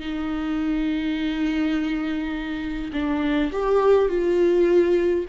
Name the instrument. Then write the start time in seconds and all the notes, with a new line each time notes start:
viola
0.00 D#4
2.93 D4
3.52 G4
4.09 F4